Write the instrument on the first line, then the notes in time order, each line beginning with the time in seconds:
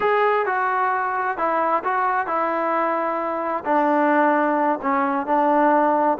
trombone
0.00 G#4
0.46 F#4
1.37 E4
1.84 F#4
2.26 E4
3.64 D4
4.82 C#4
5.26 D4